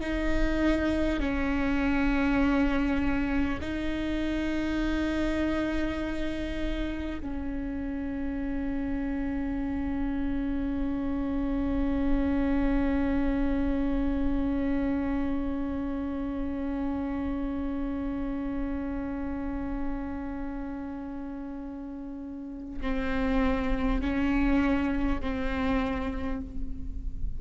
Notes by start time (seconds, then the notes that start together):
0.00 D#4
1.19 C#4
3.61 D#4
7.21 C#4
22.81 C4
24.01 C#4
25.21 C4